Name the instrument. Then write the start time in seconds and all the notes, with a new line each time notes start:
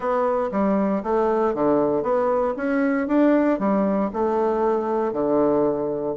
bassoon
0.00 B3
0.51 G3
1.03 A3
1.54 D3
2.03 B3
2.56 C#4
3.07 D4
3.59 G3
4.13 A3
5.12 D3